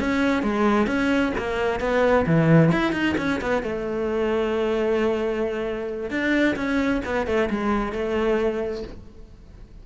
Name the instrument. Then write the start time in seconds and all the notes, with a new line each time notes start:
cello
0.00 C#4
0.43 G#3
0.87 C#4
1.38 A#3
1.80 B3
2.27 E3
2.72 E4
2.93 D#4
3.18 C#4
3.41 B3
3.63 A3
6.10 D4
6.56 C#4
7.06 B3
7.27 A3
7.50 G#3
7.92 A3